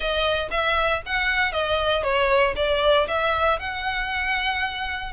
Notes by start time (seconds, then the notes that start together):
0.00 D#5
0.50 E5
1.06 F#5
1.52 D#5
2.03 C#5
2.55 D5
3.07 E5
3.59 F#5